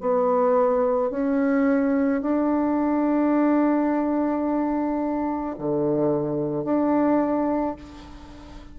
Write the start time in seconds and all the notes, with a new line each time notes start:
0.00 B3
1.10 C#4
2.22 D4
5.58 D3
6.64 D4